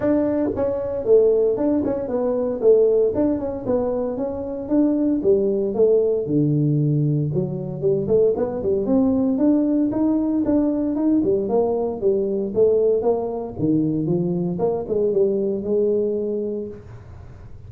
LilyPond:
\new Staff \with { instrumentName = "tuba" } { \time 4/4 \tempo 4 = 115 d'4 cis'4 a4 d'8 cis'8 | b4 a4 d'8 cis'8 b4 | cis'4 d'4 g4 a4 | d2 fis4 g8 a8 |
b8 g8 c'4 d'4 dis'4 | d'4 dis'8 g8 ais4 g4 | a4 ais4 dis4 f4 | ais8 gis8 g4 gis2 | }